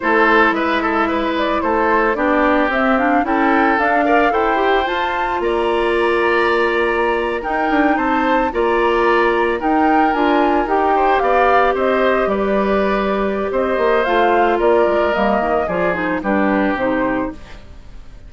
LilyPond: <<
  \new Staff \with { instrumentName = "flute" } { \time 4/4 \tempo 4 = 111 c''4 e''4. d''8 c''4 | d''4 e''8 f''8 g''4 f''4 | g''4 a''4 ais''2~ | ais''4.~ ais''16 g''4 a''4 ais''16~ |
ais''4.~ ais''16 g''4 gis''4 g''16~ | g''8. f''4 dis''4 d''4~ d''16~ | d''4 dis''4 f''4 d''4 | dis''4 d''8 c''8 b'4 c''4 | }
  \new Staff \with { instrumentName = "oboe" } { \time 4/4 a'4 b'8 a'8 b'4 a'4 | g'2 a'4. d''8 | c''2 d''2~ | d''4.~ d''16 ais'4 c''4 d''16~ |
d''4.~ d''16 ais'2~ ais'16~ | ais'16 c''8 d''4 c''4 b'4~ b'16~ | b'4 c''2 ais'4~ | ais'4 gis'4 g'2 | }
  \new Staff \with { instrumentName = "clarinet" } { \time 4/4 e'1 | d'4 c'8 d'8 e'4 d'8 ais'8 | a'8 g'8 f'2.~ | f'4.~ f'16 dis'2 f'16~ |
f'4.~ f'16 dis'4 f'4 g'16~ | g'1~ | g'2 f'2 | ais4 f'8 dis'8 d'4 dis'4 | }
  \new Staff \with { instrumentName = "bassoon" } { \time 4/4 a4 gis2 a4 | b4 c'4 cis'4 d'4 | e'4 f'4 ais2~ | ais4.~ ais16 dis'8 d'8 c'4 ais16~ |
ais4.~ ais16 dis'4 d'4 dis'16~ | dis'8. b4 c'4 g4~ g16~ | g4 c'8 ais8 a4 ais8 gis8 | g8 dis8 f4 g4 c4 | }
>>